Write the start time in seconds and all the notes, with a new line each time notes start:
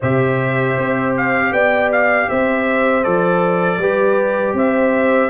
0.00 C3 G4 C5 E5
0.77 C4
1.16 F5
1.52 B3 D5 G5
1.91 F5
2.29 C4 C5 E5
3.03 F3 A4 D5
3.78 G3 G4 B4
4.53 C4 C5 E5